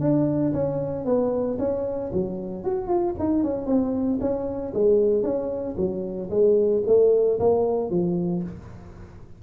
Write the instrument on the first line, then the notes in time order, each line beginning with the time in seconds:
tuba
0.00 D4
0.53 C#4
1.05 B3
1.59 C#4
2.13 F#3
2.64 F#4
2.88 F4
3.19 D#4
3.43 C#4
3.66 C4
4.21 C#4
4.74 G#3
5.23 C#4
5.77 F#3
6.30 G#3
6.86 A3
7.39 A#3
7.90 F3